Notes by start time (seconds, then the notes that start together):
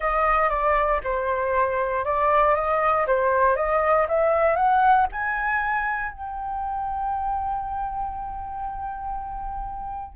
0.00 D#5
0.49 D5
1.03 C5
2.05 D5
2.55 D#5
3.06 C5
3.55 D#5
4.08 E5
4.55 F#5
5.11 G#5
6.11 G5